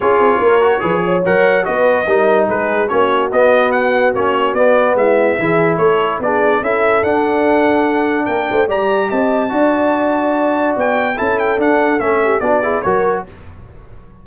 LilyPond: <<
  \new Staff \with { instrumentName = "trumpet" } { \time 4/4 \tempo 4 = 145 cis''2. fis''4 | dis''2 b'4 cis''4 | dis''4 fis''4 cis''4 d''4 | e''2 cis''4 d''4 |
e''4 fis''2. | g''4 ais''4 a''2~ | a''2 g''4 a''8 g''8 | fis''4 e''4 d''4 cis''4 | }
  \new Staff \with { instrumentName = "horn" } { \time 4/4 gis'4 ais'4 b'8 cis''4. | b'4 ais'4 gis'4 fis'4~ | fis'1 | e'4 gis'4 a'4 gis'4 |
a'1 | ais'8 c''8 d''4 dis''4 d''4~ | d''2. a'4~ | a'4. g'8 fis'8 gis'8 ais'4 | }
  \new Staff \with { instrumentName = "trombone" } { \time 4/4 f'4. fis'8 gis'4 ais'4 | fis'4 dis'2 cis'4 | b2 cis'4 b4~ | b4 e'2 d'4 |
e'4 d'2.~ | d'4 g'2 fis'4~ | fis'2. e'4 | d'4 cis'4 d'8 e'8 fis'4 | }
  \new Staff \with { instrumentName = "tuba" } { \time 4/4 cis'8 c'8 ais4 f4 fis4 | b4 g4 gis4 ais4 | b2 ais4 b4 | gis4 e4 a4 b4 |
cis'4 d'2. | ais8 a8 g4 c'4 d'4~ | d'2 b4 cis'4 | d'4 a4 b4 fis4 | }
>>